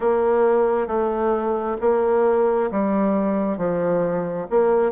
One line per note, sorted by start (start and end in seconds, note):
0.00 0.87 A#3
0.87 1.76 A3
1.80 2.70 A#3
2.71 3.57 G3
3.57 4.47 F3
4.49 4.91 A#3